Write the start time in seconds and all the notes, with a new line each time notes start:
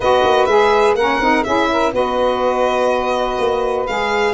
0.00 B3 F#4 B4 D#5
0.23 A#3
0.45 G#3 G#4 E5
0.94 A#3 C#4 A#4 F#5
1.19 C4 D#4
1.43 C#4 E4 G#4 E5
1.71 A#4
1.92 B3 F#4 B4 D#5
3.39 A#3
3.86 G#3 G#4 F5